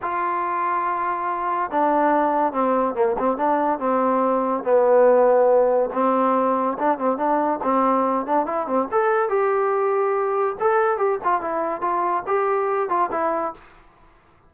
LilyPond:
\new Staff \with { instrumentName = "trombone" } { \time 4/4 \tempo 4 = 142 f'1 | d'2 c'4 ais8 c'8 | d'4 c'2 b4~ | b2 c'2 |
d'8 c'8 d'4 c'4. d'8 | e'8 c'8 a'4 g'2~ | g'4 a'4 g'8 f'8 e'4 | f'4 g'4. f'8 e'4 | }